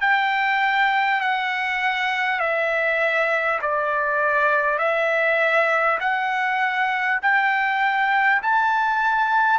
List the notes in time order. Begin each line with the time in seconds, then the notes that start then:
0.00 G5
1.21 F#5
2.39 E5
3.61 D5
4.78 E5
6.00 F#5
7.22 G5
8.42 A5